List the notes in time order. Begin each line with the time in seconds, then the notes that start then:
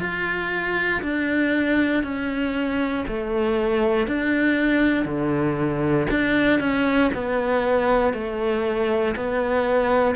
0.00 F4
1.02 D4
2.03 C#4
3.08 A3
4.07 D4
5.05 D3
6.11 D4
6.61 C#4
7.14 B3
8.14 A3
9.16 B3